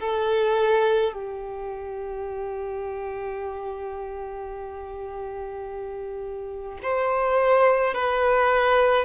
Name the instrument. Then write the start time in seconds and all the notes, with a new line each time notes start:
violin
0.00 A4
1.13 G4
6.83 C5
7.95 B4